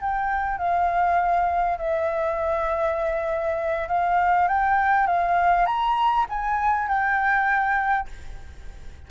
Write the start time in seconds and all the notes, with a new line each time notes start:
0.00 G5
0.58 F5
1.78 E5
3.88 F5
4.48 G5
5.06 F5
5.66 A#5
6.29 G#5
6.88 G5